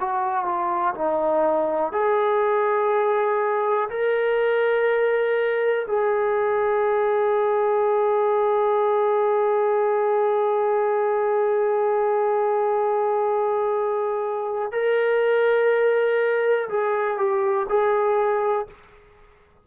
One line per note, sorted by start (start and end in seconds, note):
0.00 0.45 F#4
0.45 0.94 F4
0.94 1.92 D#4
1.92 3.89 G#4
3.89 5.86 A#4
5.87 14.71 G#4
14.71 16.68 A#4
16.69 17.17 G#4
17.17 17.66 G4
17.69 18.67 G#4